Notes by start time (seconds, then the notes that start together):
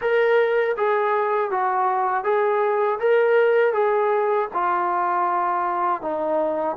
0.01 A#4
0.76 G#4
1.50 F#4
2.24 G#4
2.99 A#4
3.73 G#4
4.53 F4
6.01 D#4